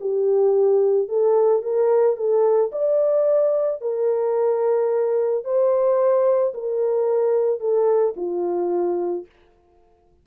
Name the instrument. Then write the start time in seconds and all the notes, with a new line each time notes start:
horn
0.00 G4
1.08 A4
1.62 A#4
2.16 A4
2.72 D5
3.81 A#4
5.44 C5
6.54 A#4
7.59 A4
8.16 F4